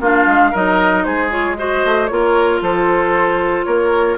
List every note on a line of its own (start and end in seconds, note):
0.00 0.26 A#3
0.00 0.54 D4
0.00 0.52 F4
0.00 0.55 F5
0.27 0.53 G#3
0.52 1.06 F#3
0.52 1.31 D#4
0.52 1.04 A#4
0.52 1.04 D#5
1.04 1.84 G#3
1.04 1.57 G#4
1.04 1.30 C5
1.31 1.57 F4
1.31 1.57 C#5
1.57 2.10 F#4
1.57 2.11 C5
1.57 2.07 D#5
1.85 2.11 A3
2.07 2.61 A#3
2.07 4.18 F4
2.07 2.62 A#4
2.07 2.59 C#5
2.61 3.66 F3
2.61 3.66 A4
2.61 3.65 C5
3.65 4.18 A#3
3.65 4.18 A#4
3.65 4.17 C#5